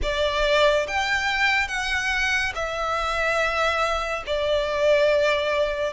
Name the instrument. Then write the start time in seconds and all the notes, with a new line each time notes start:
violin
0.02 D5
0.87 G5
1.68 F#5
2.54 E5
4.26 D5